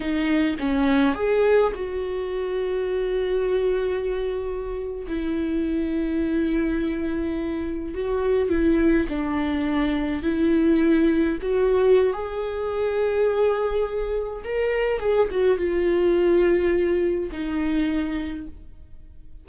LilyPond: \new Staff \with { instrumentName = "viola" } { \time 4/4 \tempo 4 = 104 dis'4 cis'4 gis'4 fis'4~ | fis'1~ | fis'8. e'2.~ e'16~ | e'4.~ e'16 fis'4 e'4 d'16~ |
d'4.~ d'16 e'2 fis'16~ | fis'4 gis'2.~ | gis'4 ais'4 gis'8 fis'8 f'4~ | f'2 dis'2 | }